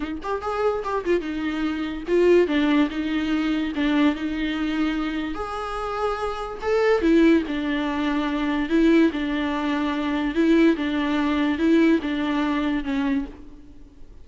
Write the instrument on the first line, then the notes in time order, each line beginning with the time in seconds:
viola
0.00 D#4
0.22 G4
0.41 G#4
0.84 G4
1.05 F4
1.20 D#4
2.07 F4
2.47 D4
2.89 D#4
3.75 D4
4.15 D#4
5.34 G#4
6.61 A4
7.01 E4
7.47 D4
8.69 E4
9.12 D4
10.34 E4
10.76 D4
11.58 E4
12.02 D4
12.84 C#4